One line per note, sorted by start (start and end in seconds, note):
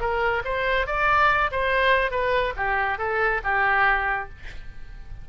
0.00 0.43 A#4
0.44 0.86 C5
0.86 1.50 D5
1.51 2.11 C5
2.11 2.53 B4
2.56 2.98 G4
2.98 3.41 A4
3.44 4.29 G4